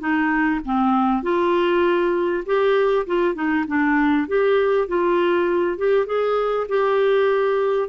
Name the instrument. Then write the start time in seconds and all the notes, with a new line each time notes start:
clarinet
0.00 D#4
0.65 C4
1.23 F4
2.46 G4
3.07 F4
3.35 D#4
3.68 D4
4.28 G4
4.88 F4
5.78 G4
6.07 G#4
6.69 G4